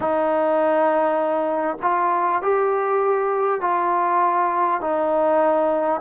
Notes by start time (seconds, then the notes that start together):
0.00 D#4
1.82 F4
2.42 G4
3.60 F4
4.80 D#4